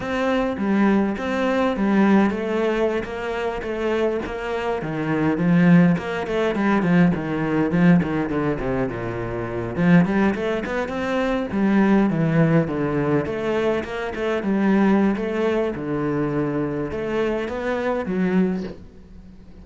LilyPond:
\new Staff \with { instrumentName = "cello" } { \time 4/4 \tempo 4 = 103 c'4 g4 c'4 g4 | a4~ a16 ais4 a4 ais8.~ | ais16 dis4 f4 ais8 a8 g8 f16~ | f16 dis4 f8 dis8 d8 c8 ais,8.~ |
ais,8. f8 g8 a8 b8 c'4 g16~ | g8. e4 d4 a4 ais16~ | ais16 a8 g4~ g16 a4 d4~ | d4 a4 b4 fis4 | }